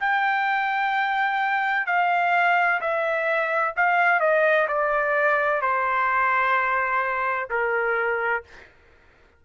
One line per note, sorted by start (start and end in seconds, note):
0.00 1.87 G5
1.87 2.80 F5
2.81 3.75 E5
3.76 4.20 F5
4.20 4.67 D#5
4.68 5.62 D5
5.62 7.49 C5
7.50 8.44 A#4